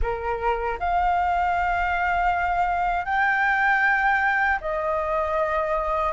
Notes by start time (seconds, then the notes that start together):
0.02 A#4
0.79 F5
3.05 G5
4.60 D#5